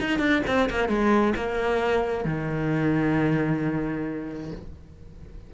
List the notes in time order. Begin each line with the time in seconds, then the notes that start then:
0.00 D#4
0.19 D4
0.47 C4
0.70 A#3
0.88 G#3
1.36 A#3
2.25 D#3